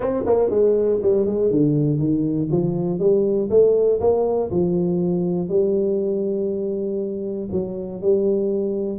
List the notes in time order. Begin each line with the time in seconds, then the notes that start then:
0.00 C4
0.26 A#3
0.50 G#3
1.02 G3
1.26 G#3
1.50 D3
1.98 D#3
2.51 F3
2.99 G3
3.50 A3
4.00 A#3
4.50 F3
5.48 G3
7.51 F#3
8.01 G3